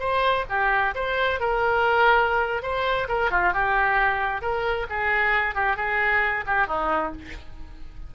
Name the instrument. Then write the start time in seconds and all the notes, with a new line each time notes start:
oboe
0.00 C5
0.50 G4
0.95 C5
1.40 A#4
2.63 C5
3.09 A#4
3.31 F4
3.54 G4
4.42 A#4
4.90 G#4
5.55 G4
5.77 G#4
6.47 G4
6.67 D#4